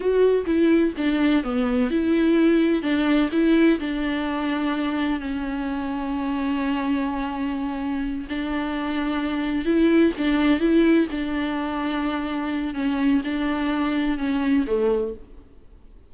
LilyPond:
\new Staff \with { instrumentName = "viola" } { \time 4/4 \tempo 4 = 127 fis'4 e'4 d'4 b4 | e'2 d'4 e'4 | d'2. cis'4~ | cis'1~ |
cis'4. d'2~ d'8~ | d'8 e'4 d'4 e'4 d'8~ | d'2. cis'4 | d'2 cis'4 a4 | }